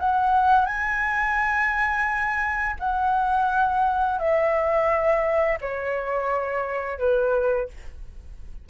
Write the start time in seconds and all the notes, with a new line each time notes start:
0.00 F#5
0.66 G#5
2.80 F#5
4.19 E5
5.61 C#5
6.99 B4